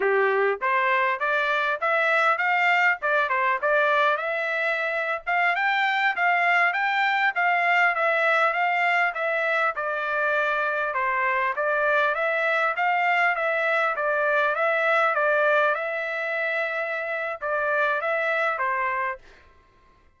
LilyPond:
\new Staff \with { instrumentName = "trumpet" } { \time 4/4 \tempo 4 = 100 g'4 c''4 d''4 e''4 | f''4 d''8 c''8 d''4 e''4~ | e''8. f''8 g''4 f''4 g''8.~ | g''16 f''4 e''4 f''4 e''8.~ |
e''16 d''2 c''4 d''8.~ | d''16 e''4 f''4 e''4 d''8.~ | d''16 e''4 d''4 e''4.~ e''16~ | e''4 d''4 e''4 c''4 | }